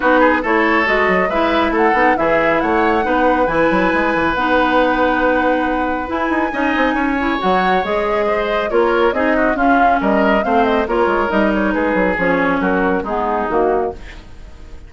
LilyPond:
<<
  \new Staff \with { instrumentName = "flute" } { \time 4/4 \tempo 4 = 138 b'4 cis''4 dis''4 e''4 | fis''4 e''4 fis''2 | gis''2 fis''2~ | fis''2 gis''2~ |
gis''4 fis''4 dis''2 | cis''4 dis''4 f''4 dis''4 | f''8 dis''8 cis''4 dis''8 cis''8 b'4 | cis''4 ais'4 gis'4 fis'4 | }
  \new Staff \with { instrumentName = "oboe" } { \time 4/4 fis'8 gis'8 a'2 b'4 | a'4 gis'4 cis''4 b'4~ | b'1~ | b'2. dis''4 |
cis''2. c''4 | ais'4 gis'8 fis'8 f'4 ais'4 | c''4 ais'2 gis'4~ | gis'4 fis'4 dis'2 | }
  \new Staff \with { instrumentName = "clarinet" } { \time 4/4 dis'4 e'4 fis'4 e'4~ | e'8 dis'8 e'2 dis'4 | e'2 dis'2~ | dis'2 e'4 dis'4~ |
dis'8 e'8 fis'4 gis'2 | f'4 dis'4 cis'2 | c'4 f'4 dis'2 | cis'2 b4 ais4 | }
  \new Staff \with { instrumentName = "bassoon" } { \time 4/4 b4 a4 gis8 fis8 gis4 | a8 b8 e4 a4 b4 | e8 fis8 gis8 e8 b2~ | b2 e'8 dis'8 cis'8 c'8 |
cis'4 fis4 gis2 | ais4 c'4 cis'4 g4 | a4 ais8 gis8 g4 gis8 fis8 | f4 fis4 gis4 dis4 | }
>>